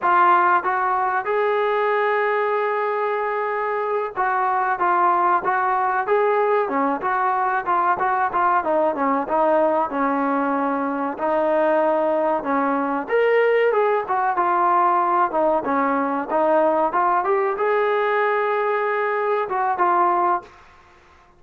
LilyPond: \new Staff \with { instrumentName = "trombone" } { \time 4/4 \tempo 4 = 94 f'4 fis'4 gis'2~ | gis'2~ gis'8 fis'4 f'8~ | f'8 fis'4 gis'4 cis'8 fis'4 | f'8 fis'8 f'8 dis'8 cis'8 dis'4 cis'8~ |
cis'4. dis'2 cis'8~ | cis'8 ais'4 gis'8 fis'8 f'4. | dis'8 cis'4 dis'4 f'8 g'8 gis'8~ | gis'2~ gis'8 fis'8 f'4 | }